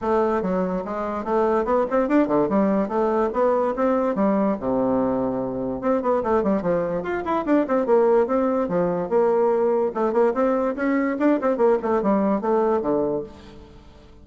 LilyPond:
\new Staff \with { instrumentName = "bassoon" } { \time 4/4 \tempo 4 = 145 a4 fis4 gis4 a4 | b8 c'8 d'8 d8 g4 a4 | b4 c'4 g4 c4~ | c2 c'8 b8 a8 g8 |
f4 f'8 e'8 d'8 c'8 ais4 | c'4 f4 ais2 | a8 ais8 c'4 cis'4 d'8 c'8 | ais8 a8 g4 a4 d4 | }